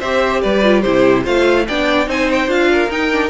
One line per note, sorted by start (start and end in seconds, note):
0.00 0.44 C4
0.00 0.63 G4
0.00 0.41 C5
0.00 0.42 E5
0.43 0.86 G3
0.43 0.82 B4
0.43 0.82 D5
0.63 0.84 F4
0.82 1.27 C3
0.82 1.25 E4
0.82 1.24 G4
0.82 1.24 C5
1.24 1.69 A3
1.24 1.67 F4
1.24 1.65 C5
1.24 1.68 F5
1.68 2.08 B3
1.68 2.07 D4
1.68 2.09 D5
1.68 2.09 G5
2.07 2.48 C4
2.07 2.48 D#4
2.07 2.71 C5
2.07 2.31 G#5
2.32 2.51 G5
2.48 2.89 D4
2.48 2.90 F4
2.48 2.92 F5
2.72 3.30 A#4
2.90 3.30 D#4
2.90 3.12 D#4
2.90 3.30 G5
3.12 3.30 D4